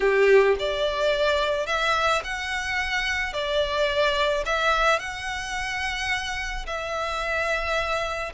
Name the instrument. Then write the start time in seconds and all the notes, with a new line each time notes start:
violin
0.00 G4
0.59 D5
1.66 E5
2.24 F#5
3.33 D5
4.45 E5
4.99 F#5
6.66 E5